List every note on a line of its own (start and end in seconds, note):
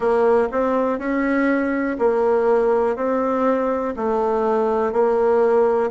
0.00 0.48 A#3
0.51 0.98 C4
0.98 1.97 C#4
1.99 2.96 A#3
2.96 3.94 C4
3.96 4.92 A3
4.92 5.90 A#3